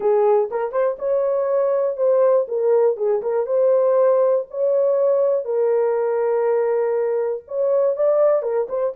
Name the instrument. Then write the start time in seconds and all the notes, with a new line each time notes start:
horn
0.00 G#4
0.50 A#4
0.72 C5
0.98 C#5
1.97 C5
2.47 A#4
2.96 G#4
3.22 A#4
3.46 C5
4.50 C#5
5.44 A#4
7.47 C#5
7.95 D5
8.42 A#4
8.68 C5